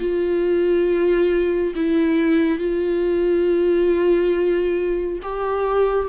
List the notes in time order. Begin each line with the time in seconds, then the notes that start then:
0.00 F4
1.76 E4
2.59 F4
5.23 G4